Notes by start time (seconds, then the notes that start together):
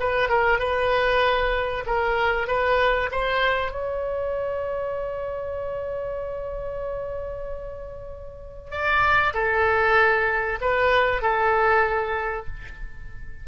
0.00 B4
0.30 A#4
0.59 B4
1.86 A#4
2.48 B4
3.12 C5
3.72 C#5
8.71 D5
9.34 A4
10.61 B4
11.22 A4